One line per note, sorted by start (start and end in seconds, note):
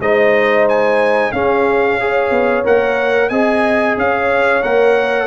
0.00 1.32 G#3
0.00 1.34 D#4
0.00 1.33 C5
0.00 0.67 D#5
0.69 1.32 G#5
1.32 2.30 C#4
1.32 2.00 C#4
1.32 1.99 G#4
1.32 2.64 F5
2.00 2.64 G#4
2.00 3.30 C#5
2.30 2.63 B3
2.64 3.30 A#3
2.64 3.30 A#4
2.64 3.29 F#5
3.29 3.96 C4
3.29 4.63 G#4
3.29 3.96 D#5
3.29 3.95 G#5
3.97 4.63 C#4
3.97 5.27 C#5
3.97 4.63 F5
4.63 5.27 A#3
4.63 5.27 A#4
4.63 5.27 F#5